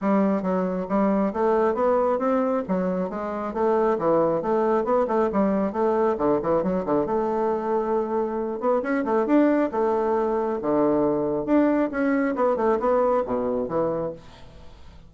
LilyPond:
\new Staff \with { instrumentName = "bassoon" } { \time 4/4 \tempo 4 = 136 g4 fis4 g4 a4 | b4 c'4 fis4 gis4 | a4 e4 a4 b8 a8 | g4 a4 d8 e8 fis8 d8 |
a2.~ a8 b8 | cis'8 a8 d'4 a2 | d2 d'4 cis'4 | b8 a8 b4 b,4 e4 | }